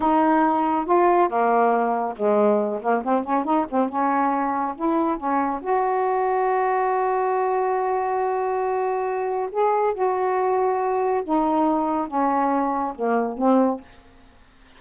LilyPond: \new Staff \with { instrumentName = "saxophone" } { \time 4/4 \tempo 4 = 139 dis'2 f'4 ais4~ | ais4 gis4. ais8 c'8 cis'8 | dis'8 c'8 cis'2 e'4 | cis'4 fis'2.~ |
fis'1~ | fis'2 gis'4 fis'4~ | fis'2 dis'2 | cis'2 ais4 c'4 | }